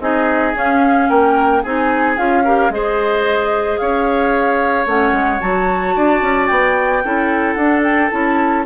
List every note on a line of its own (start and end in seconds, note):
0.00 0.54 C4
0.00 0.54 D#4
0.00 1.09 G#4
0.00 0.55 D#5
0.54 1.62 C#4
0.54 1.08 C#4
0.54 1.09 F5
1.09 1.64 A#3
1.09 1.63 A#4
1.09 1.63 G5
1.63 2.18 C4
1.63 2.17 D#4
1.63 2.44 G#4
1.63 2.18 G#5
2.17 2.70 C#4
2.17 2.44 F4
2.17 2.72 F5
2.44 2.71 G4
2.44 2.71 A#4
2.70 3.78 G#3
2.70 4.87 G#4
2.70 3.81 C5
2.70 3.78 D#5
3.78 4.86 C#4
3.78 5.95 C#5
3.78 4.86 F5
4.86 5.12 A3
4.86 5.40 C#4
4.86 5.41 F#5
5.12 5.39 G#3
5.40 5.96 F#3
5.40 7.03 F#4
5.40 6.47 A5
5.95 6.22 D4
5.95 7.04 D5
6.22 6.49 C#4
6.47 7.05 B3
6.47 7.54 G5
7.05 7.56 C#4
7.05 7.59 E4
7.05 8.66 A4
7.54 8.10 D4
7.54 7.81 F#5
7.60 8.11 D4
7.84 8.11 G5
8.11 8.66 C#4
8.11 8.65 E4
8.11 8.65 A5